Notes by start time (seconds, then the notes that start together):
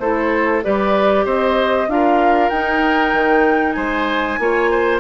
0.00 A3 E4 A4 C5
0.63 G3 G4 B4 D5
1.25 C4 C5 D#5
1.88 D4 F4 A#4 F5
2.50 D#4 G5
3.13 D#3
3.73 G#3 C5 G#5
4.39 A#3 F4 C#5
4.71 C5